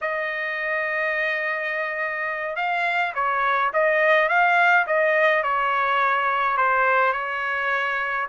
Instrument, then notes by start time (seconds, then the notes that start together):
trumpet
0.01 D#5
2.56 F5
3.14 C#5
3.73 D#5
4.29 F5
4.86 D#5
5.43 C#5
6.57 C5
7.12 C#5